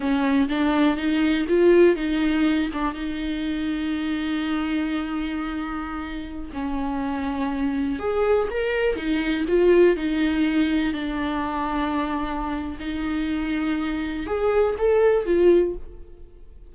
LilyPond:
\new Staff \with { instrumentName = "viola" } { \time 4/4 \tempo 4 = 122 cis'4 d'4 dis'4 f'4 | dis'4. d'8 dis'2~ | dis'1~ | dis'4~ dis'16 cis'2~ cis'8.~ |
cis'16 gis'4 ais'4 dis'4 f'8.~ | f'16 dis'2 d'4.~ d'16~ | d'2 dis'2~ | dis'4 gis'4 a'4 f'4 | }